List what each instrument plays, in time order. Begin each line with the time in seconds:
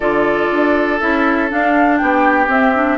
0.00 bassoon D3, clarinet F4, oboe A4, flute D5
0.51 bassoon D4
1.00 bassoon C#4, clarinet E4, flute E5
1.49 clarinet D4, bassoon D4, flute F5
1.97 bassoon B3, oboe G4, flute G5
2.47 bassoon C4, clarinet C4, flute E5
2.74 clarinet D4